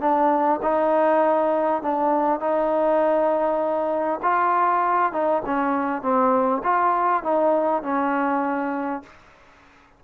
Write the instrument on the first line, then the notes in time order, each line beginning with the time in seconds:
trombone
0.00 D4
0.62 D#4
1.82 D4
2.40 D#4
4.22 F4
5.12 D#4
5.45 C#4
6.02 C4
6.64 F4
7.23 D#4
7.83 C#4